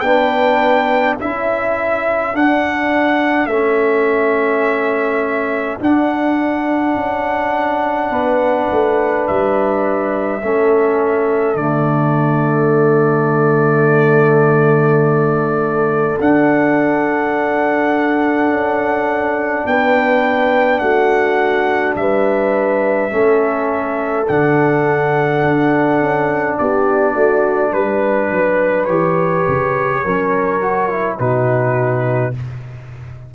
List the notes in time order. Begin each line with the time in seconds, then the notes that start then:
0.00 B3 D4 G5
0.07 B4
1.19 C#4 E4 A4 E5
2.34 D4 F#5
3.47 A3 C#4 E5
5.80 D4 F#5
6.96 C#4
8.11 B3 B4
8.71 A3
9.27 G3 E5
10.43 A3 C#4 A4
11.55 D3 A3 D5
16.20 D4 F#5
18.49 C#4
19.66 B3 B4 G5
20.79 A3 F#4 F#5
21.96 G3 B4 E5
23.11 A3 C#4 A4
24.28 D3 D4 F#5
25.44 D4
26.01 C#4
26.58 B3 G4 D5
27.14 A3 F#4
27.73 G3 B4
28.31 F#3
28.86 E3 G4 C#5
29.48 C#3
30.04 F#3 C#4 A#4
30.62 F#4
30.90 E4
31.19 B2 D#4 F#4 B4